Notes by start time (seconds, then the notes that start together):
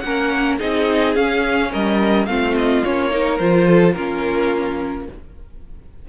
0.00 A#3 C#4 A#4 F#5
0.59 C4 D#4 G#4 D#5
1.16 C#4 F5
1.71 G3 A#4 D#5
2.27 A3 C4 F4 F5
2.58 D#5
2.85 A#3 C#4 C#5
3.11 D#4 A#4
3.38 F3 F4 C5
3.68 A4
3.93 A#3 C#4 F4 A#4